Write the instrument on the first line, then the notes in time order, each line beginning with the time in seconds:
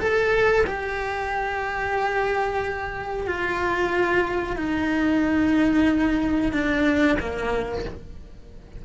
cello
0.00 A4
0.67 G4
3.27 F4
4.57 D#4
6.53 D4
7.20 A#3